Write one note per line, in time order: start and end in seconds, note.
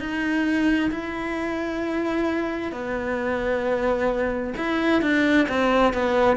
0.00 0.91 D#4
0.91 2.72 E4
2.72 4.54 B3
4.57 5.02 E4
5.02 5.48 D4
5.49 5.93 C4
5.93 6.37 B3